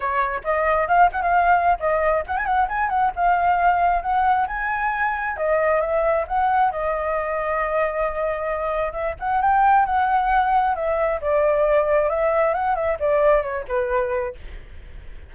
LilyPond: \new Staff \with { instrumentName = "flute" } { \time 4/4 \tempo 4 = 134 cis''4 dis''4 f''8 fis''16 f''4~ f''16 | dis''4 fis''16 gis''16 fis''8 gis''8 fis''8 f''4~ | f''4 fis''4 gis''2 | dis''4 e''4 fis''4 dis''4~ |
dis''1 | e''8 fis''8 g''4 fis''2 | e''4 d''2 e''4 | fis''8 e''8 d''4 cis''8 b'4. | }